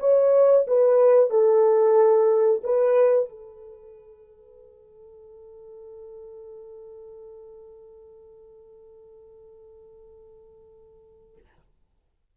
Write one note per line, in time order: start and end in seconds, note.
0.00 0.66 C#5
0.67 1.31 B4
1.31 2.63 A4
2.64 3.30 B4
3.30 11.37 A4